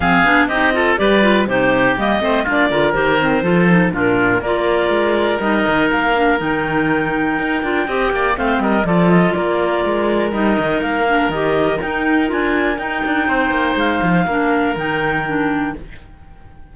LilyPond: <<
  \new Staff \with { instrumentName = "clarinet" } { \time 4/4 \tempo 4 = 122 f''4 dis''4 d''4 c''4 | dis''4 d''4 c''2 | ais'4 d''2 dis''4 | f''4 g''2.~ |
g''4 f''8 dis''8 d''8 dis''8 d''4~ | d''4 dis''4 f''4 dis''4 | g''4 gis''4 g''2 | f''2 g''2 | }
  \new Staff \with { instrumentName = "oboe" } { \time 4/4 gis'4 g'8 a'8 b'4 g'4~ | g'8 c''8 f'8 ais'4. a'4 | f'4 ais'2.~ | ais'1 |
dis''8 d''8 c''8 ais'8 a'4 ais'4~ | ais'1~ | ais'2. c''4~ | c''4 ais'2. | }
  \new Staff \with { instrumentName = "clarinet" } { \time 4/4 c'8 d'8 dis'8 f'8 g'8 f'8 dis'4 | ais8 c'8 d'8 f'8 g'8 c'8 f'8 dis'8 | d'4 f'2 dis'4~ | dis'8 d'8 dis'2~ dis'8 f'8 |
g'4 c'4 f'2~ | f'4 dis'4. d'8 g'4 | dis'4 f'4 dis'2~ | dis'4 d'4 dis'4 d'4 | }
  \new Staff \with { instrumentName = "cello" } { \time 4/4 f8 b8 c'4 g4 c4 | g8 a8 ais8 d8 dis4 f4 | ais,4 ais4 gis4 g8 dis8 | ais4 dis2 dis'8 d'8 |
c'8 ais8 a8 g8 f4 ais4 | gis4 g8 dis8 ais4 dis4 | dis'4 d'4 dis'8 d'8 c'8 ais8 | gis8 f8 ais4 dis2 | }
>>